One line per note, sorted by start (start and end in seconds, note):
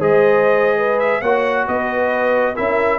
0.00 1.22 G#3
0.00 1.22 G#4
0.00 0.77 C5
0.00 1.00 D#5
0.77 1.21 B4
1.00 1.21 E5
1.21 1.66 A#3
1.21 2.56 F#4
1.21 1.65 C#5
1.21 1.66 F#5
1.68 2.57 B3
1.68 2.55 B4
1.68 2.56 D#5
2.55 2.99 C#4
2.55 2.99 E4
2.55 2.99 A#4
2.55 2.99 E5